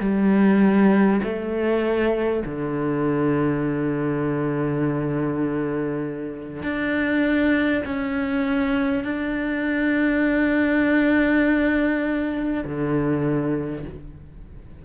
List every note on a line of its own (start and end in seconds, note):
0.00 1.20 G3
1.23 2.43 A3
2.45 6.63 D3
6.63 7.83 D4
7.85 9.04 C#4
9.04 12.64 D4
12.65 13.85 D3